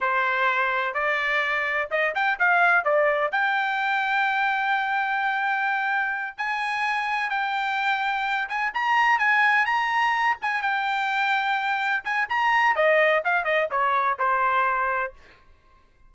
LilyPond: \new Staff \with { instrumentName = "trumpet" } { \time 4/4 \tempo 4 = 127 c''2 d''2 | dis''8 g''8 f''4 d''4 g''4~ | g''1~ | g''4. gis''2 g''8~ |
g''2 gis''8 ais''4 gis''8~ | gis''8 ais''4. gis''8 g''4.~ | g''4. gis''8 ais''4 dis''4 | f''8 dis''8 cis''4 c''2 | }